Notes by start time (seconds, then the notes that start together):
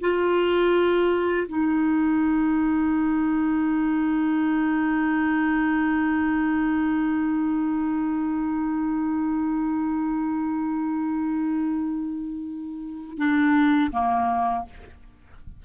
0.00 F4
1.48 D#4
13.17 D4
13.91 A#3